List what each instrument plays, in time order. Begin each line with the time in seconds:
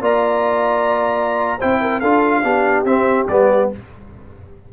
0.00 tuba A#3, trombone F4, horn D5, trumpet A#5
1.58 tuba C4, trombone E4, horn C5, trumpet G5
1.81 horn A#4
2.00 tuba D4, trombone F4, horn A4, trumpet F5
2.43 tuba B3, trombone D4, horn G4
2.84 tuba C4, trombone C4, trumpet E5
3.28 tuba G3, trombone B3, trumpet D5